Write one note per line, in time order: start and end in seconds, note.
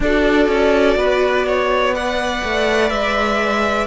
0.00 0.47 D4
0.00 1.94 F#4
0.00 0.97 A4
0.00 1.94 D5
0.47 0.96 C#4
0.96 2.41 B3
0.96 1.46 B4
1.47 1.94 C#5
1.94 3.86 B4
1.94 3.86 D5
1.94 2.89 F#5
2.43 2.91 A3
2.89 3.86 G#3
2.89 3.86 E5